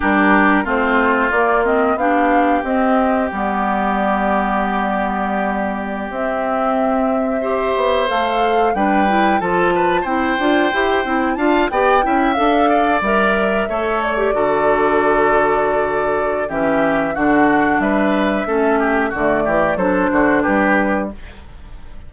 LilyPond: <<
  \new Staff \with { instrumentName = "flute" } { \time 4/4 \tempo 4 = 91 ais'4 c''4 d''8 dis''8 f''4 | dis''4 d''2.~ | d''4~ d''16 e''2~ e''8.~ | e''16 f''4 g''4 a''4 g''8.~ |
g''4~ g''16 a''8 g''4 f''4 e''16~ | e''4~ e''16 d''2~ d''8.~ | d''4 e''4 fis''4 e''4~ | e''4 d''4 c''4 b'4 | }
  \new Staff \with { instrumentName = "oboe" } { \time 4/4 g'4 f'2 g'4~ | g'1~ | g'2.~ g'16 c''8.~ | c''4~ c''16 b'4 a'8 b'8 c''8.~ |
c''4~ c''16 f''8 d''8 e''4 d''8.~ | d''8. cis''4 a'2~ a'16~ | a'4 g'4 fis'4 b'4 | a'8 g'8 fis'8 g'8 a'8 fis'8 g'4 | }
  \new Staff \with { instrumentName = "clarinet" } { \time 4/4 d'4 c'4 ais8 c'8 d'4 | c'4 b2.~ | b4~ b16 c'2 g'8.~ | g'16 a'4 d'8 e'8 f'4 e'8 f'16~ |
f'16 g'8 e'8 f'8 g'8 e'8 a'4 ais'16~ | ais'8. a'8. g'16 fis'2~ fis'16~ | fis'4 cis'4 d'2 | cis'4 a4 d'2 | }
  \new Staff \with { instrumentName = "bassoon" } { \time 4/4 g4 a4 ais4 b4 | c'4 g2.~ | g4~ g16 c'2~ c'8 b16~ | b16 a4 g4 f4 c'8 d'16~ |
d'16 e'8 c'8 d'8 b8 cis'8 d'4 g16~ | g8. a4 d2~ d16~ | d4 e4 d4 g4 | a4 d8 e8 fis8 d8 g4 | }
>>